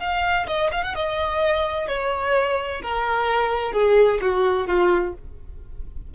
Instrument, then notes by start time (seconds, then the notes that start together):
violin
0.00 F5
0.47 D#5
0.72 F5
0.84 F#5
0.95 D#5
1.88 C#5
2.82 A#4
3.73 G#4
4.22 F#4
4.67 F4